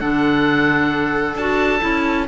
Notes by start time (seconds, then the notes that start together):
0.00 D3 D4 A4 F#5
1.34 D4 F#4 A5
1.80 C#4 E4